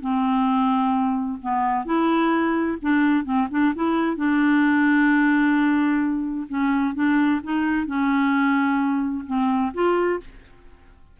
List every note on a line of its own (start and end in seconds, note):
0.00 1.38 C4
1.42 1.85 B3
1.85 2.77 E4
2.81 3.24 D4
3.24 3.47 C4
3.50 3.73 D4
3.75 4.16 E4
4.16 6.47 D4
6.48 6.94 C#4
6.94 7.40 D4
7.43 7.86 D#4
7.86 9.25 C#4
9.26 9.72 C4
9.73 10.19 F4